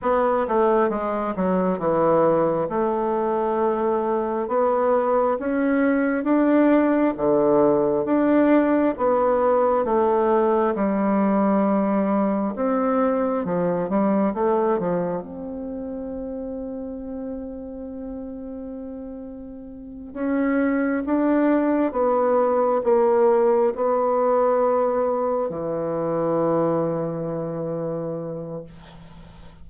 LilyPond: \new Staff \with { instrumentName = "bassoon" } { \time 4/4 \tempo 4 = 67 b8 a8 gis8 fis8 e4 a4~ | a4 b4 cis'4 d'4 | d4 d'4 b4 a4 | g2 c'4 f8 g8 |
a8 f8 c'2.~ | c'2~ c'8 cis'4 d'8~ | d'8 b4 ais4 b4.~ | b8 e2.~ e8 | }